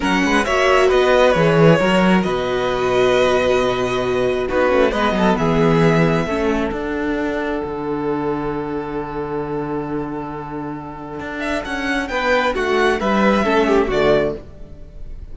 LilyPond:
<<
  \new Staff \with { instrumentName = "violin" } { \time 4/4 \tempo 4 = 134 fis''4 e''4 dis''4 cis''4~ | cis''4 dis''2.~ | dis''2 b'4 dis''4 | e''2. fis''4~ |
fis''1~ | fis''1~ | fis''4. e''8 fis''4 g''4 | fis''4 e''2 d''4 | }
  \new Staff \with { instrumentName = "violin" } { \time 4/4 ais'8 b'8 cis''4 b'2 | ais'4 b'2.~ | b'2 fis'4 b'8 a'8 | gis'2 a'2~ |
a'1~ | a'1~ | a'2. b'4 | fis'4 b'4 a'8 g'8 fis'4 | }
  \new Staff \with { instrumentName = "viola" } { \time 4/4 cis'4 fis'2 gis'4 | fis'1~ | fis'2 dis'8 cis'8 b4~ | b2 cis'4 d'4~ |
d'1~ | d'1~ | d'1~ | d'2 cis'4 a4 | }
  \new Staff \with { instrumentName = "cello" } { \time 4/4 fis8 gis8 ais4 b4 e4 | fis4 b,2.~ | b,2 b8 a8 gis8 fis8 | e2 a4 d'4~ |
d'4 d2.~ | d1~ | d4 d'4 cis'4 b4 | a4 g4 a4 d4 | }
>>